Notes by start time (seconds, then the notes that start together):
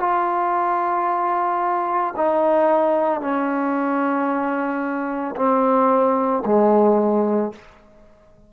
0.00 F4
2.17 D#4
3.21 C#4
5.36 C4
6.45 G#3